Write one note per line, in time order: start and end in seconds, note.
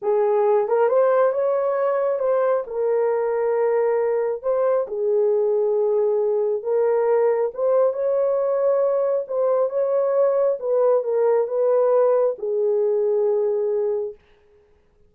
0.01 0.67 G#4
0.67 0.88 A#4
0.88 1.32 C5
1.32 2.19 C#5
2.19 2.63 C5
2.67 4.42 A#4
4.42 4.86 C5
4.87 6.63 G#4
6.63 7.51 A#4
7.54 7.93 C5
7.93 9.25 C#5
9.27 9.69 C5
9.69 10.58 C#5
10.59 11.03 B4
11.03 11.47 A#4
11.47 12.35 B4
12.38 14.14 G#4